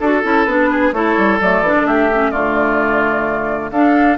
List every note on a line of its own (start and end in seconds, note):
0.00 0.24 D4
0.00 0.24 F#4
0.00 0.45 A4
0.00 0.70 A4
0.24 0.46 C#4
0.24 0.47 E4
0.45 0.93 B3
0.45 0.94 D4
0.45 0.92 B4
0.71 0.94 G#4
0.93 1.16 A3
0.93 1.41 E4
0.93 1.87 A4
0.93 1.40 C#5
1.17 1.41 G3
1.41 1.62 F#3
1.41 1.65 A3
1.41 1.87 D5
1.62 1.73 E3
1.62 2.12 D4
1.76 1.85 D3
1.85 2.32 A3
1.85 2.31 G4
1.85 2.31 E5
2.12 2.33 C#4
2.31 3.72 D3
2.31 3.72 A3
2.31 3.71 F4
2.31 3.70 D5
3.72 4.18 D4
3.72 4.18 A4
3.72 4.18 F5